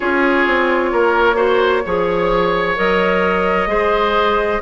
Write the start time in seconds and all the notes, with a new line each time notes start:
0.00 C#4 F4 G#4 C#5
0.47 C4
0.92 A#3 A#4
1.35 F#4 C5
1.85 F3 G#4 C#5
2.76 F#3 A#4 D#5
3.67 G#3 G#4 C5